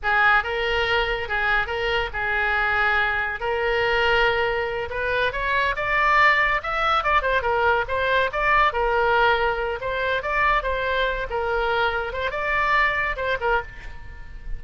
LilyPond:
\new Staff \with { instrumentName = "oboe" } { \time 4/4 \tempo 4 = 141 gis'4 ais'2 gis'4 | ais'4 gis'2. | ais'2.~ ais'8 b'8~ | b'8 cis''4 d''2 e''8~ |
e''8 d''8 c''8 ais'4 c''4 d''8~ | d''8 ais'2~ ais'8 c''4 | d''4 c''4. ais'4.~ | ais'8 c''8 d''2 c''8 ais'8 | }